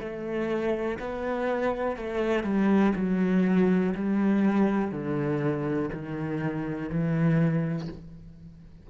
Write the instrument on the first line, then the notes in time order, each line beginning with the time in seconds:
cello
0.00 A3
0.99 B3
1.96 A3
2.44 G3
2.96 F#3
3.95 G3
4.91 D3
5.93 D#3
6.89 E3